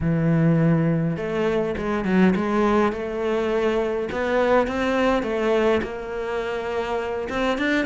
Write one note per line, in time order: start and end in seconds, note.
0.01 1.17 E3
1.17 1.75 A3
1.77 2.04 G#3
2.04 2.34 F#3
2.35 2.92 G#3
2.92 4.08 A3
4.11 4.67 B3
4.67 5.22 C4
5.22 5.81 A3
5.83 7.28 A#3
7.29 7.57 C4
7.57 7.85 D4